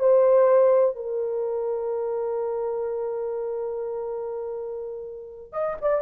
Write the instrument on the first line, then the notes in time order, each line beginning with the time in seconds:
horn
0.00 C5
0.96 A#4
5.53 D#5
5.82 D5